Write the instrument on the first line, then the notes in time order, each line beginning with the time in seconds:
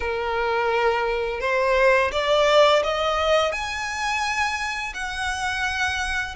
violin
0.00 A#4
1.40 C5
2.12 D5
2.83 D#5
3.52 G#5
4.94 F#5